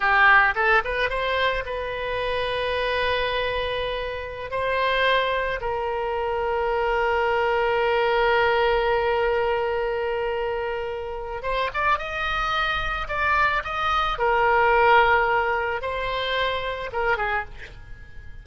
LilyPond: \new Staff \with { instrumentName = "oboe" } { \time 4/4 \tempo 4 = 110 g'4 a'8 b'8 c''4 b'4~ | b'1~ | b'16 c''2 ais'4.~ ais'16~ | ais'1~ |
ais'1~ | ais'4 c''8 d''8 dis''2 | d''4 dis''4 ais'2~ | ais'4 c''2 ais'8 gis'8 | }